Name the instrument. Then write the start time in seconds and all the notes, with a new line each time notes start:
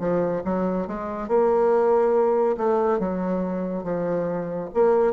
bassoon
0.00 F3
0.44 F#3
0.87 G#3
1.28 A#3
2.58 A3
2.99 F#3
3.84 F3
4.74 A#3